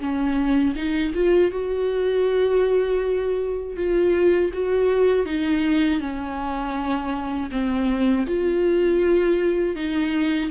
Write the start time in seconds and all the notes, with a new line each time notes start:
0.00 C#4
0.76 D#4
1.15 F4
1.51 F#4
3.77 F4
4.53 F#4
5.26 D#4
6.00 C#4
7.51 C4
8.27 F4
9.76 D#4